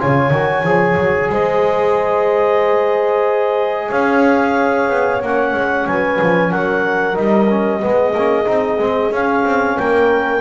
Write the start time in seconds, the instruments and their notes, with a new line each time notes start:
0.00 double bass C#3, trombone F4, horn C#5, clarinet G#5
0.31 double bass D#3, trombone F#4
0.64 double bass F3, trombone G#4
0.97 double bass F#3
1.30 double bass G#3, horn C5, clarinet D#5
3.89 double bass C#4, horn C#5, clarinet F5
4.90 double bass B3
5.23 double bass A#3, trombone C#4, clarinet F#5
5.54 double bass G#3
5.87 double bass F#3, horn B4, clarinet G#5
6.22 double bass F3
6.51 double bass F#3, horn A#4, clarinet F#5
7.15 double bass G3, trombone D#4, clarinet D#5
7.50 trombone C#4
7.81 double bass G#3, trombone B3, horn G#4
8.15 double bass A#3, trombone C#4
8.46 double bass C4, trombone D#4
8.79 double bass G#3, trombone C4
9.12 double bass C#4, trombone C#4, clarinet F5
9.45 double bass C4
9.78 double bass A#3, horn A#4, clarinet G5